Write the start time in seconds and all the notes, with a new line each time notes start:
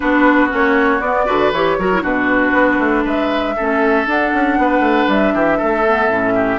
0.00 B3 D4 F#4 B4
0.49 A#3 C#4 C#5
1.00 B3 D5
1.25 D3 F#4 B4
1.52 E3 G4 C#5
1.78 F#3 F#4 A#4
1.92 E4
2.02 B2 D4 F#4 B4
2.52 B3
2.78 A3
3.04 G#3 B4 E5
3.56 A3 C#4 A4
4.06 D4 F#5
4.33 C#4
4.58 B3 B4
4.79 A3
5.08 G3 E5
5.33 E3 G4
5.57 A3 A4
5.86 B3
6.08 A2 C#4
6.34 G4